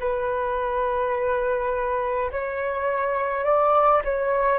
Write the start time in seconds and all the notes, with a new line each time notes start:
0.00 B4
2.31 C#5
3.45 D5
4.04 C#5